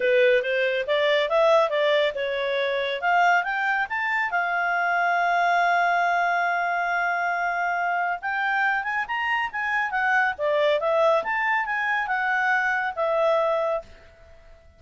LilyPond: \new Staff \with { instrumentName = "clarinet" } { \time 4/4 \tempo 4 = 139 b'4 c''4 d''4 e''4 | d''4 cis''2 f''4 | g''4 a''4 f''2~ | f''1~ |
f''2. g''4~ | g''8 gis''8 ais''4 gis''4 fis''4 | d''4 e''4 a''4 gis''4 | fis''2 e''2 | }